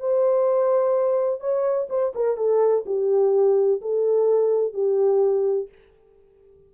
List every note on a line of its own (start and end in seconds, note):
0.00 1.40 C5
1.40 1.88 C#5
1.90 2.13 C5
2.15 2.37 A#4
2.37 2.85 A4
2.86 3.81 G4
3.82 4.74 A4
4.74 5.69 G4